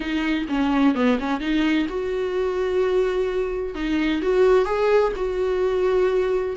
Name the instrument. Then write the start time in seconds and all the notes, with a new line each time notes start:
viola
0.00 D#4
0.49 C#4
0.95 B3
1.19 C#4
1.40 D#4
1.88 F#4
3.75 D#4
4.21 F#4
4.65 G#4
5.16 F#4